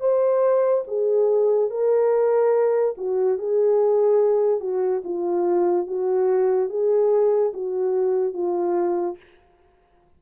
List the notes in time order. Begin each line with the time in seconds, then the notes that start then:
0.00 C5
0.87 G#4
1.70 A#4
2.97 F#4
3.38 G#4
4.60 F#4
5.04 F4
5.86 F#4
6.69 G#4
7.53 F#4
8.33 F4